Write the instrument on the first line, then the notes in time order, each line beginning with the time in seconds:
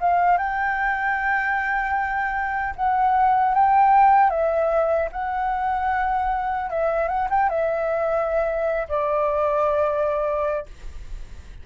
flute
0.00 F5
0.37 G5
2.76 F#5
3.54 G5
4.30 E5
5.12 F#5
6.70 E5
7.08 F#5
7.30 G5
7.49 E5
8.88 D5